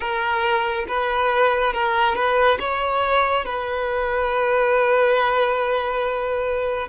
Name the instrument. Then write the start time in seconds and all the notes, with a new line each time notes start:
violin
0.00 A#4
0.88 B4
1.73 A#4
2.15 B4
2.59 C#5
3.45 B4